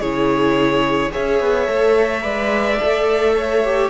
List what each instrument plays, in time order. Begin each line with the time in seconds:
0.00 cello C#3, viola E4, violin G#4 C#5
1.11 viola G#4, violin C#5 E5
1.18 cello C#4
1.40 cello B3
1.67 cello A3, viola A4
2.22 cello G#3, viola B4, violin D5
2.80 cello A3, viola A4
3.36 violin C#5
3.64 viola G4